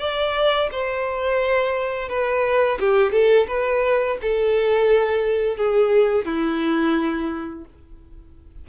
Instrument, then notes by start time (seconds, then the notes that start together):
violin
0.00 D5
0.72 C5
2.09 B4
2.80 G4
3.12 A4
3.48 B4
4.22 A4
5.57 G#4
6.26 E4